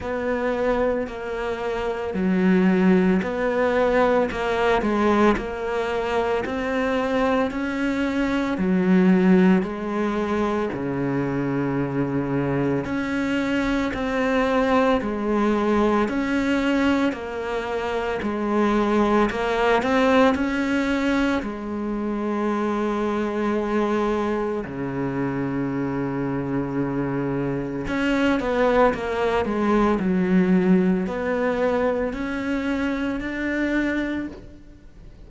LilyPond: \new Staff \with { instrumentName = "cello" } { \time 4/4 \tempo 4 = 56 b4 ais4 fis4 b4 | ais8 gis8 ais4 c'4 cis'4 | fis4 gis4 cis2 | cis'4 c'4 gis4 cis'4 |
ais4 gis4 ais8 c'8 cis'4 | gis2. cis4~ | cis2 cis'8 b8 ais8 gis8 | fis4 b4 cis'4 d'4 | }